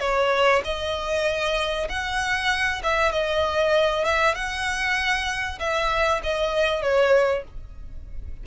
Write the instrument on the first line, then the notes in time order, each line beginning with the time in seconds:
violin
0.00 C#5
0.64 D#5
1.89 F#5
2.83 E5
3.12 D#5
4.05 E5
4.35 F#5
5.59 E5
6.23 D#5
6.82 C#5